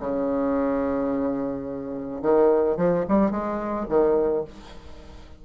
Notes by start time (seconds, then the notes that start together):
0.00 C#3
2.22 D#3
2.78 F3
3.09 G3
3.31 G#3
3.89 D#3